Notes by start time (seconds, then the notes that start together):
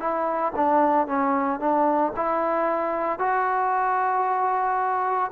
0.00 E4
0.56 D4
1.07 C#4
1.60 D4
2.16 E4
3.19 F#4